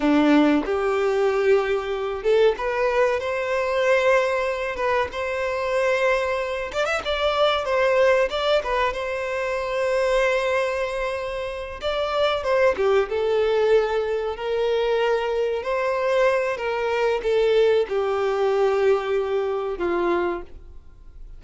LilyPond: \new Staff \with { instrumentName = "violin" } { \time 4/4 \tempo 4 = 94 d'4 g'2~ g'8 a'8 | b'4 c''2~ c''8 b'8 | c''2~ c''8 d''16 e''16 d''4 | c''4 d''8 b'8 c''2~ |
c''2~ c''8 d''4 c''8 | g'8 a'2 ais'4.~ | ais'8 c''4. ais'4 a'4 | g'2. f'4 | }